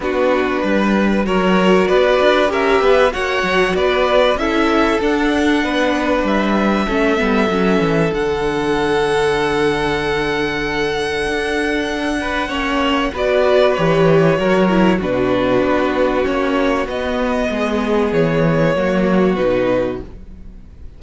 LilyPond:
<<
  \new Staff \with { instrumentName = "violin" } { \time 4/4 \tempo 4 = 96 b'2 cis''4 d''4 | e''4 fis''4 d''4 e''4 | fis''2 e''2~ | e''4 fis''2.~ |
fis''1~ | fis''4 d''4 cis''2 | b'2 cis''4 dis''4~ | dis''4 cis''2 b'4 | }
  \new Staff \with { instrumentName = "violin" } { \time 4/4 fis'4 b'4 ais'4 b'4 | ais'8 b'8 cis''4 b'4 a'4~ | a'4 b'2 a'4~ | a'1~ |
a'2.~ a'8 b'8 | cis''4 b'2 ais'4 | fis'1 | gis'2 fis'2 | }
  \new Staff \with { instrumentName = "viola" } { \time 4/4 d'2 fis'2 | g'4 fis'2 e'4 | d'2. cis'8 b8 | cis'4 d'2.~ |
d'1 | cis'4 fis'4 g'4 fis'8 e'8 | d'2 cis'4 b4~ | b2 ais4 dis'4 | }
  \new Staff \with { instrumentName = "cello" } { \time 4/4 b4 g4 fis4 b8 d'8 | cis'8 b8 ais8 fis8 b4 cis'4 | d'4 b4 g4 a8 g8 | fis8 e8 d2.~ |
d2 d'2 | ais4 b4 e4 fis4 | b,4 b4 ais4 b4 | gis4 e4 fis4 b,4 | }
>>